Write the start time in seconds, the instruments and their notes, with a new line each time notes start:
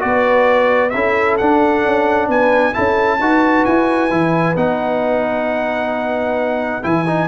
0.00 tuba B3, trombone F#4, horn B4, trumpet D5
0.91 tuba C#4, trombone E4, horn A4, trumpet E5
1.38 tuba D4, trombone D4, trumpet F#5
1.86 tuba C#4
2.29 tuba B3, horn B4, trumpet G#5
2.74 tuba C#4, trombone E4, horn A4, trumpet A5
3.19 tuba D#4, trombone F#4, horn B4
3.65 tuba E4, trumpet G#5
4.11 tuba E3, trombone E4
4.56 tuba B3, trombone D#4, trumpet F#5
6.83 tuba E3, trombone E4, trumpet G#5
7.07 trombone D#4